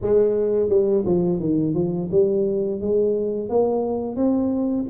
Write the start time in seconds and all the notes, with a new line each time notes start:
0.01 G#3
0.68 G3
1.05 F3
1.39 D#3
1.74 F3
2.11 G3
2.80 G#3
3.49 A#3
4.15 C4